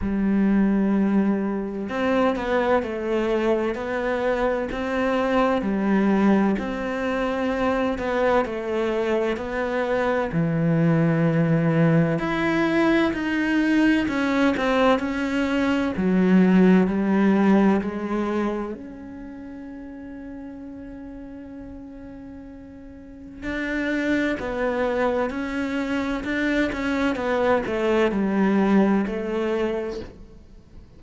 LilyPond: \new Staff \with { instrumentName = "cello" } { \time 4/4 \tempo 4 = 64 g2 c'8 b8 a4 | b4 c'4 g4 c'4~ | c'8 b8 a4 b4 e4~ | e4 e'4 dis'4 cis'8 c'8 |
cis'4 fis4 g4 gis4 | cis'1~ | cis'4 d'4 b4 cis'4 | d'8 cis'8 b8 a8 g4 a4 | }